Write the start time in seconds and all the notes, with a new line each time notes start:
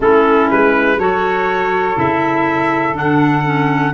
0.00 A3 C#4 E4 A4
0.50 G#3 B4
0.98 F#3 F#4 A4 C#5
1.95 C#3 E4 E5
2.93 D3 D4 F#5
3.44 C#4